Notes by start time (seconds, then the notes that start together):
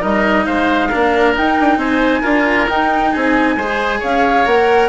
0.00 G3 D#4 A#4 D#5
0.46 G#3 C5 F5
0.89 A#3 D4 A#4
1.34 D#4 G5
1.59 D4
1.77 C4 C5 G#5
2.21 D4 F4 A#4
2.69 D#4 G5
3.11 C4 G#4 G#5
3.56 G#3 G#4 C5
3.99 C#4 C#5 F5
4.45 A#3 A#4 F#5